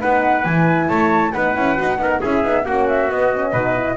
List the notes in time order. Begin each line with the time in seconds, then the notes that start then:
0.00 B3 D#4 B4 F#5
0.45 E3 E4 G#5
0.89 A3 C#5 A5
1.32 B3 D#4 B4 F#5
1.55 C#4 E4
1.76 D#4 F#4
1.99 B3 D#4 A#4
2.21 C#4 E4 G#4 E5
2.43 B3 D#4
2.65 A#3 C#4 F#4 F#5
2.89 E5
3.10 B3 D#5
3.34 C#4
3.52 B2 D#4 B4
3.76 E4